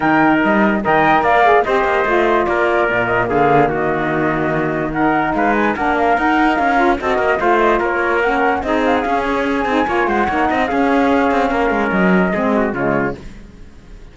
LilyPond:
<<
  \new Staff \with { instrumentName = "flute" } { \time 4/4 \tempo 4 = 146 g''4 dis''4 g''4 f''4 | dis''2 d''4. dis''8 | f''4 dis''2. | fis''4 f''8 gis''8 fis''8 f''8 fis''4 |
f''4 dis''4 f''8 dis''8 cis''4 | fis''4 dis''8 f''16 fis''16 f''8 cis''8 gis''4~ | gis''8 fis''4. f''2~ | f''4 dis''2 cis''4 | }
  \new Staff \with { instrumentName = "trumpet" } { \time 4/4 ais'2 dis''4 d''4 | c''2 ais'2 | gis'4 fis'2. | ais'4 b'4 ais'2~ |
ais'4 a'8 ais'8 c''4 ais'4~ | ais'4 gis'2. | cis''8 c''8 cis''8 dis''8 gis'2 | ais'2 gis'8 fis'8 f'4 | }
  \new Staff \with { instrumentName = "saxophone" } { \time 4/4 dis'2 ais'4. gis'8 | g'4 f'2 ais4~ | ais1 | dis'2 d'4 dis'4~ |
dis'8 f'8 fis'4 f'2 | cis'4 dis'4 cis'4. dis'8 | f'4 dis'4 cis'2~ | cis'2 c'4 gis4 | }
  \new Staff \with { instrumentName = "cello" } { \time 4/4 dis4 g4 dis4 ais4 | c'8 ais8 a4 ais4 ais,4 | d4 dis2.~ | dis4 gis4 ais4 dis'4 |
cis'4 c'8 ais8 a4 ais4~ | ais4 c'4 cis'4. c'8 | ais8 gis8 ais8 c'8 cis'4. c'8 | ais8 gis8 fis4 gis4 cis4 | }
>>